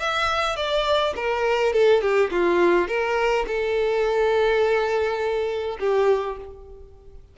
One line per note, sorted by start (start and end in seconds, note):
0.00 0.56 E5
0.56 1.14 D5
1.16 1.73 A#4
1.73 2.01 A4
2.01 2.30 G4
2.31 2.88 F4
2.88 3.46 A#4
3.47 5.78 A4
5.80 6.37 G4